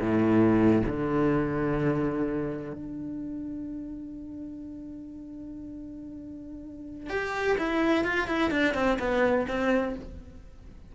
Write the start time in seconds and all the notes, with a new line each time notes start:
0.00 A2
0.86 D3
2.73 D4
7.09 G4
7.58 E4
8.04 F4
8.28 E4
8.51 D4
8.74 C4
8.99 B3
9.48 C4